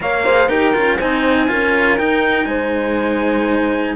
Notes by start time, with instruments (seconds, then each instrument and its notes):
0.00 cello A#3 A#4, horn C#5, trumpet F5
0.24 cello G#4, horn C5
0.48 cello D#4 G4, horn A#4, trumpet G5
0.73 cello C#4 F4
0.97 cello C4 D#4, horn C5, trumpet G#5
1.48 cello C#4 F4, horn A#4
1.98 cello D#4, trumpet G5
2.45 cello G#3, horn C5, trumpet G#5